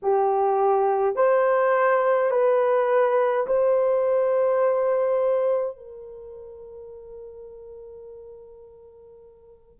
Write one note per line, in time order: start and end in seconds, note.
0.02 1.15 G4
1.15 2.31 C5
2.31 3.46 B4
3.46 5.76 C5
5.76 9.80 A#4